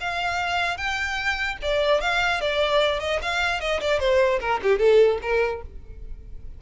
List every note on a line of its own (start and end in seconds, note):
0.00 0.77 F5
0.77 1.57 G5
1.61 2.01 D5
2.01 2.41 F5
2.41 2.99 D5
2.99 3.19 D#5
3.22 3.60 F5
3.60 3.80 D#5
3.80 3.99 D5
3.99 4.39 C5
4.40 4.60 A#4
4.63 4.78 G4
4.78 5.18 A4
5.21 5.61 A#4